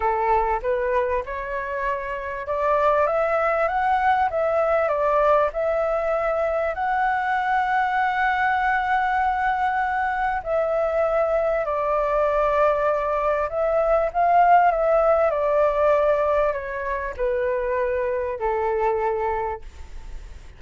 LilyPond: \new Staff \with { instrumentName = "flute" } { \time 4/4 \tempo 4 = 98 a'4 b'4 cis''2 | d''4 e''4 fis''4 e''4 | d''4 e''2 fis''4~ | fis''1~ |
fis''4 e''2 d''4~ | d''2 e''4 f''4 | e''4 d''2 cis''4 | b'2 a'2 | }